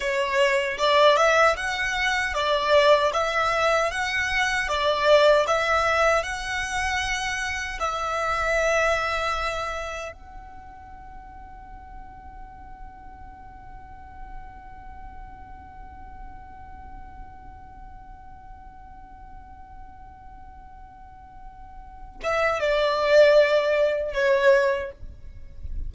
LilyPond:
\new Staff \with { instrumentName = "violin" } { \time 4/4 \tempo 4 = 77 cis''4 d''8 e''8 fis''4 d''4 | e''4 fis''4 d''4 e''4 | fis''2 e''2~ | e''4 fis''2.~ |
fis''1~ | fis''1~ | fis''1~ | fis''8 e''8 d''2 cis''4 | }